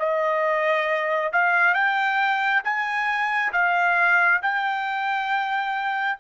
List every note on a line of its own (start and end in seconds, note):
0.00 1.32 D#5
1.33 1.74 F5
1.74 2.63 G5
2.65 3.53 G#5
3.53 4.41 F5
4.43 6.19 G5